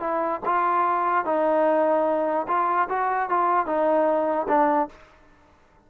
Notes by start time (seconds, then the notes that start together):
0.00 E4
0.46 F4
1.25 D#4
2.48 F4
2.89 F#4
3.29 F4
3.66 D#4
4.48 D4